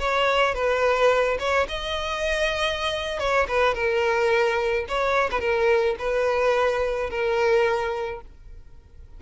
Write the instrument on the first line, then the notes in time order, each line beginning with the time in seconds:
violin
0.00 C#5
0.55 B4
1.40 C#5
1.69 D#5
3.20 C#5
3.49 B4
3.75 A#4
4.89 C#5
5.32 B4
5.40 A#4
5.99 B4
7.10 A#4